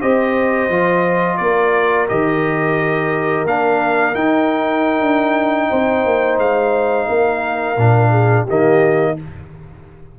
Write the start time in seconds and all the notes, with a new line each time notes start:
0.00 C4 G4 C5 D#5
0.69 F3 F4
1.37 A#3 A#4 D5
2.08 D#3 G4 D#5
3.44 A#3 D4 F5
4.15 D#4 G5
5.01 D4
5.70 C4 C5
6.05 A#3
6.38 G#3 F5
7.09 A#3 A#4
7.77 A#2 D4
8.11 G#4
8.44 D#3 A#3 G4 D#5